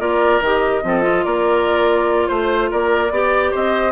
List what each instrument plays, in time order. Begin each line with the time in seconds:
0.00 bassoon A#3, clarinet F4, oboe A#4, flute D5
0.41 bassoon D#3, clarinet G4, flute D#5
0.84 bassoon F3, clarinet C4, oboe A4
1.03 clarinet F4
1.25 bassoon A#3, oboe A#4, flute D5
2.28 bassoon A3, flute C5, oboe C5
2.71 bassoon A#3, oboe A#4, flute D5
3.11 bassoon B3, clarinet G4, oboe D5
3.52 bassoon C4, oboe C5, flute D#5